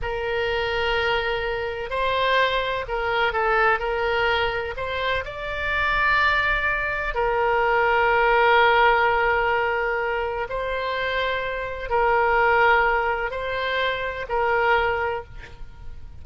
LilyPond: \new Staff \with { instrumentName = "oboe" } { \time 4/4 \tempo 4 = 126 ais'1 | c''2 ais'4 a'4 | ais'2 c''4 d''4~ | d''2. ais'4~ |
ais'1~ | ais'2 c''2~ | c''4 ais'2. | c''2 ais'2 | }